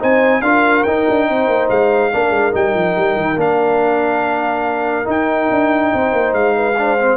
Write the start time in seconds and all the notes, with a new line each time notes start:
0.00 C4 D#4 C5 G#5
0.42 D4 F4 A#4 F5
0.83 D#4 G5
1.10 D4
1.28 C4 C5
1.48 A#3
1.70 G#3 F5
2.12 A#3 D4 A#4
2.31 G#3
2.52 G3 D#4 G5
2.75 F3
2.98 G3
3.16 D#3
3.36 A#3 D4 F5
5.05 D#4 G5
5.51 D4
5.94 C4 C5
6.13 A#3
6.33 G#3 F5
6.57 B4
6.78 D4 C5
7.00 C4